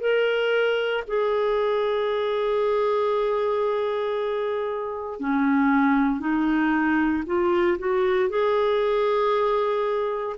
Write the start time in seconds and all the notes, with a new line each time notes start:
0.00 A#4
1.07 G#4
5.20 C#4
6.20 D#4
7.26 F4
7.78 F#4
8.29 G#4